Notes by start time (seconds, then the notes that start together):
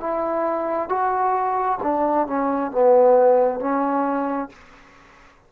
0.00 E4
0.89 F#4
1.83 D4
2.28 C#4
2.72 B3
3.60 C#4